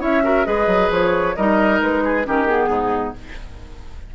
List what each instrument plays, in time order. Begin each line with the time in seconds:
0.00 bassoon C#4, clarinet E4, oboe C#5, flute E5
0.24 clarinet F#4, oboe A#4
0.45 bassoon G#3, clarinet G#4, oboe B4, flute D#5
0.67 bassoon F#3
0.91 bassoon F3, flute C#5
1.37 bassoon G3, clarinet D#4, oboe A#4, flute D#5
1.81 bassoon G#3, flute B4
2.05 oboe G#4
2.25 bassoon D#3, clarinet C#4, oboe G4, flute A#4
2.47 clarinet B3, flute G#4
2.69 bassoon G#2, oboe D#4